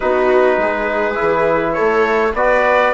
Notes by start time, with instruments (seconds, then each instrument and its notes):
0.00 bassoon B3, trombone D#4, viola F#4, trumpet B4
0.57 bassoon G#3, viola G#4
1.13 trombone E4
1.21 bassoon E3
1.73 viola A4, trumpet C#5
1.79 bassoon A3
2.33 bassoon B3, trombone F#4, viola B4, trumpet D5